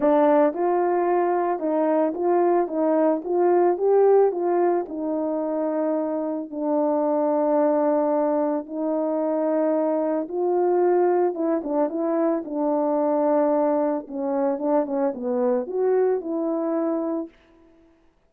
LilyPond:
\new Staff \with { instrumentName = "horn" } { \time 4/4 \tempo 4 = 111 d'4 f'2 dis'4 | f'4 dis'4 f'4 g'4 | f'4 dis'2. | d'1 |
dis'2. f'4~ | f'4 e'8 d'8 e'4 d'4~ | d'2 cis'4 d'8 cis'8 | b4 fis'4 e'2 | }